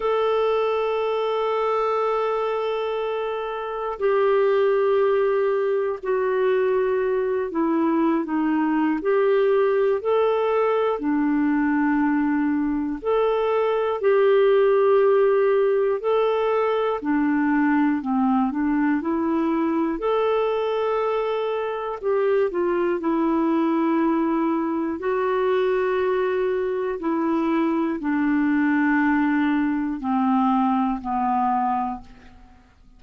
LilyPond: \new Staff \with { instrumentName = "clarinet" } { \time 4/4 \tempo 4 = 60 a'1 | g'2 fis'4. e'8~ | e'16 dis'8. g'4 a'4 d'4~ | d'4 a'4 g'2 |
a'4 d'4 c'8 d'8 e'4 | a'2 g'8 f'8 e'4~ | e'4 fis'2 e'4 | d'2 c'4 b4 | }